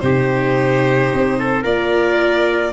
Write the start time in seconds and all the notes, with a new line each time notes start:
0.00 C3 D#4 G4 C5
1.13 C4
1.40 A4
1.62 A#3 F4 A#4 D5